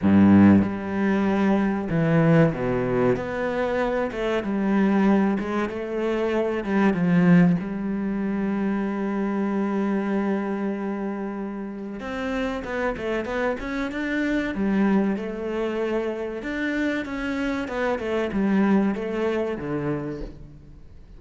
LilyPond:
\new Staff \with { instrumentName = "cello" } { \time 4/4 \tempo 4 = 95 g,4 g2 e4 | b,4 b4. a8 g4~ | g8 gis8 a4. g8 f4 | g1~ |
g2. c'4 | b8 a8 b8 cis'8 d'4 g4 | a2 d'4 cis'4 | b8 a8 g4 a4 d4 | }